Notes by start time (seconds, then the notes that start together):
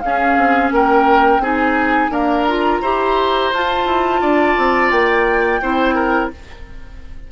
0.00 C#4 G#4 F5
0.37 C4
0.72 A#3 A#4 G5
1.39 C4 D#4 G#4 G#5
2.10 A#3 D4 A#4 A#5
2.48 F4
2.82 E4 G4 C5
3.53 F4 A5
3.86 E4
4.22 D4 D5
4.57 C4
4.91 A#3 G5
5.62 C4 E4 C5
5.95 A#4